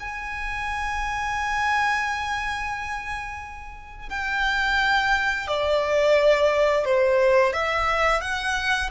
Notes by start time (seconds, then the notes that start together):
0.00 G#5
4.10 G5
5.48 D5
6.85 C5
7.53 E5
8.21 F#5